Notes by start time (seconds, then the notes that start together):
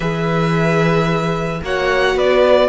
0.00 E3 G#4 B4 E5
1.62 A#3 F#4 C#5 F#5
2.16 B3 B4 D5